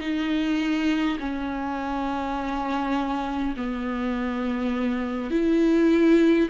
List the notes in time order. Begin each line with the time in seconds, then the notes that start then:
0.00 D#4
1.20 C#4
3.57 B3
5.31 E4